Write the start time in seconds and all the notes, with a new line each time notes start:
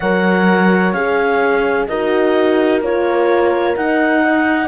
0.00 F#3 A#4 C#5 F#5
0.92 C#4 G#4 F5
1.87 D#4 F#4 A#4 D#5
2.81 A#3 F4 C#5
3.75 D#4 F#5
4.23 D#5